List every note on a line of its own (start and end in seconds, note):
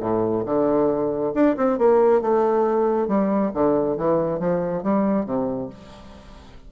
0.00 0.44 A2
0.45 1.33 D3
1.34 1.56 D4
1.56 1.78 C4
1.78 2.21 A#3
2.21 3.08 A3
3.08 3.51 G3
3.54 3.97 D3
3.97 4.39 E3
4.39 4.83 F3
4.83 5.25 G3
5.25 5.69 C3